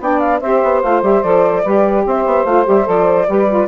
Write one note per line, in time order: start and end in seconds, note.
0.00 0.41 B3
0.00 0.42 D4
0.00 0.40 D5
0.00 0.19 G5
0.19 0.39 F5
0.40 0.62 C4
0.40 0.83 G4
0.40 1.62 C5
0.40 0.81 E5
0.63 0.83 B3
0.82 1.02 A3
0.82 1.02 F4
0.82 1.02 F5
1.02 1.22 G3
1.02 1.22 G4
1.02 1.22 E5
1.22 1.64 F3
1.22 1.63 A4
1.22 2.04 D5
1.62 2.05 G3
1.62 2.46 G4
1.62 2.03 B4
2.05 2.25 C4
2.05 3.27 C5
2.05 2.45 E5
2.25 2.44 B3
2.44 2.65 A3
2.44 2.64 F4
2.44 2.65 F5
2.64 2.87 G3
2.64 2.83 G4
2.64 2.88 E5
2.83 3.28 F3
2.83 3.24 A4
2.83 3.68 D5
3.27 3.68 G3
3.27 3.47 G4
3.27 3.68 B4
3.48 3.68 F4